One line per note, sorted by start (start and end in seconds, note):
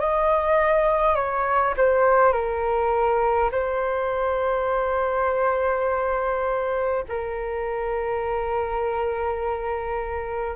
0.00 1.16 D#5
1.16 1.75 C#5
1.77 2.33 C5
2.33 3.51 A#4
3.52 7.05 C5
7.09 10.57 A#4